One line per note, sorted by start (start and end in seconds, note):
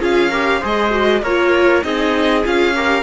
0.00 0.62 C#4
0.00 0.30 F4
0.00 0.29 G#4
0.00 0.64 F5
0.29 0.62 G4
0.29 0.59 A#4
0.60 1.22 G#3
0.60 0.91 G#4
0.60 1.21 C5
0.60 1.23 D#5
0.91 1.21 F#4
1.22 1.83 A#3
1.22 1.83 F4
1.22 1.84 A#4
1.22 1.83 C#5
1.83 2.45 C4
1.83 2.43 D#4
1.83 2.76 G#4
1.83 2.44 D#5
2.44 3.03 C#4
2.44 2.74 F4
2.44 3.03 F5
2.75 3.03 G4
2.75 3.03 A#4